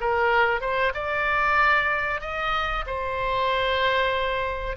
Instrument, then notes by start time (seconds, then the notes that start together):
oboe
0.00 A#4
0.61 C5
0.94 D5
2.21 D#5
2.86 C5